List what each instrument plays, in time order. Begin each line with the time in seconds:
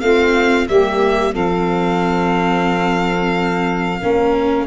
0.00 tuba A3, viola C4, saxophone F4, violin F5
0.67 tuba G3, viola A#3, saxophone G4, violin E5
1.32 tuba F3, viola C4, saxophone A4, violin F5
3.99 tuba A#3, viola C#4, saxophone A#4